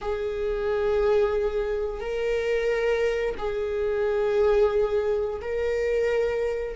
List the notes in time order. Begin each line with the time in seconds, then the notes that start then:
0.01 G#4
2.00 A#4
3.38 G#4
5.41 A#4